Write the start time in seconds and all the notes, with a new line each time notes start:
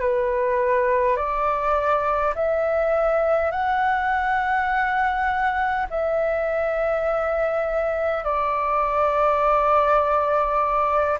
0.00 B4
1.16 D5
2.35 E5
3.51 F#5
5.90 E5
8.24 D5